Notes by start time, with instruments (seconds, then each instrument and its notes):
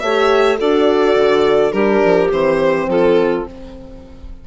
0.00 bassoon A3, horn G4, clarinet C#5, violin E5
0.59 bassoon D4, horn F#4, clarinet A4, violin D5
1.16 bassoon D3
1.72 bassoon G3, horn D4, clarinet G4, violin A#4
2.05 bassoon F3
2.31 bassoon E3, horn C4, violin C5
2.88 bassoon F3, clarinet F4, violin A4